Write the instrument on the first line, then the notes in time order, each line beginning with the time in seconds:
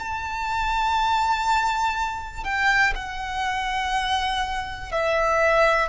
violin
0.00 A5
2.45 G5
2.96 F#5
4.92 E5